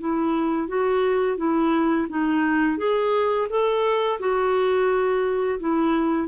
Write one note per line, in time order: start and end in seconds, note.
0.00 0.68 E4
0.68 1.37 F#4
1.37 2.07 E4
2.09 2.78 D#4
2.78 3.48 G#4
3.49 4.19 A4
4.20 5.59 F#4
5.59 6.28 E4